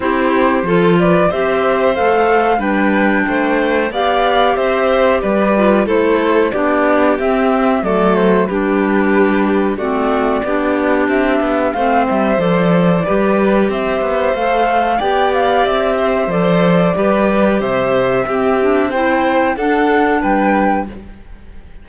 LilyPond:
<<
  \new Staff \with { instrumentName = "flute" } { \time 4/4 \tempo 4 = 92 c''4. d''8 e''4 f''4 | g''2 f''4 e''4 | d''4 c''4 d''4 e''4 | d''8 c''8 b'2 d''4~ |
d''4 e''4 f''8 e''8 d''4~ | d''4 e''4 f''4 g''8 f''8 | e''4 d''2 e''4~ | e''4 g''4 fis''4 g''4 | }
  \new Staff \with { instrumentName = "violin" } { \time 4/4 g'4 a'8 b'8 c''2 | b'4 c''4 d''4 c''4 | b'4 a'4 g'2 | a'4 g'2 fis'4 |
g'2 c''2 | b'4 c''2 d''4~ | d''8 c''4. b'4 c''4 | g'4 c''4 a'4 b'4 | }
  \new Staff \with { instrumentName = "clarinet" } { \time 4/4 e'4 f'4 g'4 a'4 | d'2 g'2~ | g'8 f'8 e'4 d'4 c'4 | a4 d'2 c'4 |
d'2 c'4 a'4 | g'2 a'4 g'4~ | g'4 a'4 g'2 | c'8 d'8 e'4 d'2 | }
  \new Staff \with { instrumentName = "cello" } { \time 4/4 c'4 f4 c'4 a4 | g4 a4 b4 c'4 | g4 a4 b4 c'4 | fis4 g2 a4 |
b4 c'8 b8 a8 g8 f4 | g4 c'8 b8 a4 b4 | c'4 f4 g4 c4 | c'2 d'4 g4 | }
>>